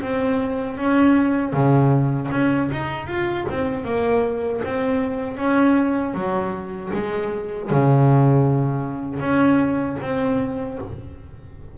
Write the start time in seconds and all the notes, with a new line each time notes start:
0.00 C4
0.77 C#4
1.52 C#3
2.31 C#4
2.71 D#4
3.07 F4
3.49 C4
3.84 A#3
4.64 C4
5.37 C#4
6.14 F#3
6.93 G#3
7.70 C#3
9.19 C#4
10.01 C4